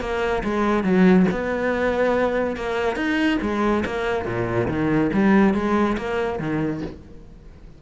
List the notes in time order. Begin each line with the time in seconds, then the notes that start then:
0.00 A#3
0.43 G#3
0.83 F#3
1.31 B3
2.56 A#3
2.96 D#4
3.41 G#3
3.85 A#3
4.25 A#2
4.68 D#3
5.13 G3
5.54 G#3
5.97 A#3
6.39 D#3